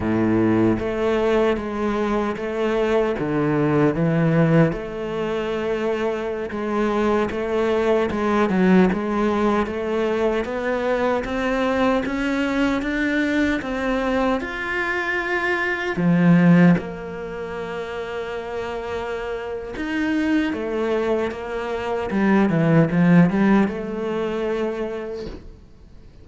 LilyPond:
\new Staff \with { instrumentName = "cello" } { \time 4/4 \tempo 4 = 76 a,4 a4 gis4 a4 | d4 e4 a2~ | a16 gis4 a4 gis8 fis8 gis8.~ | gis16 a4 b4 c'4 cis'8.~ |
cis'16 d'4 c'4 f'4.~ f'16~ | f'16 f4 ais2~ ais8.~ | ais4 dis'4 a4 ais4 | g8 e8 f8 g8 a2 | }